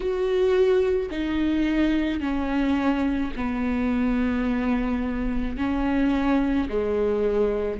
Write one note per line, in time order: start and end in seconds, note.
0.00 1.09 F#4
1.10 2.20 D#4
2.20 3.31 C#4
3.36 5.57 B3
5.57 6.68 C#4
6.69 7.80 G#3